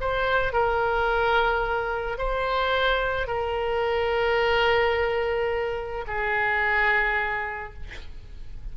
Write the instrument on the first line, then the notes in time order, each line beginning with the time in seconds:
oboe
0.00 C5
0.52 A#4
2.17 C5
3.27 A#4
6.07 G#4